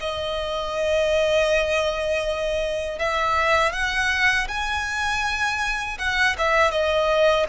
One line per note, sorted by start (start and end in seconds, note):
0.00 2.99 D#5
2.99 3.72 E5
3.72 4.47 F#5
4.48 5.98 G#5
5.98 6.36 F#5
6.38 6.71 E5
6.71 7.46 D#5